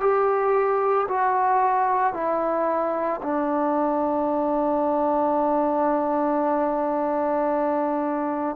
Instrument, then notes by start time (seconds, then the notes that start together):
trombone
0.00 G4
1.08 F#4
2.13 E4
3.22 D4